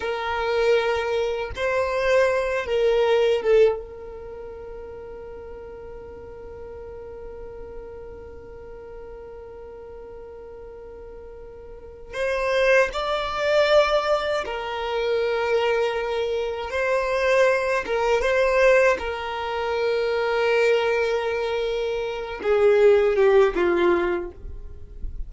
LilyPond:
\new Staff \with { instrumentName = "violin" } { \time 4/4 \tempo 4 = 79 ais'2 c''4. ais'8~ | ais'8 a'8 ais'2.~ | ais'1~ | ais'1 |
c''4 d''2 ais'4~ | ais'2 c''4. ais'8 | c''4 ais'2.~ | ais'4. gis'4 g'8 f'4 | }